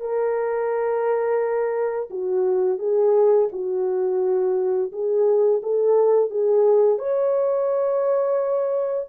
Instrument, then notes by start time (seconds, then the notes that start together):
horn
0.00 A#4
2.10 F#4
2.78 G#4
3.52 F#4
4.92 G#4
5.63 A4
6.30 G#4
6.99 C#5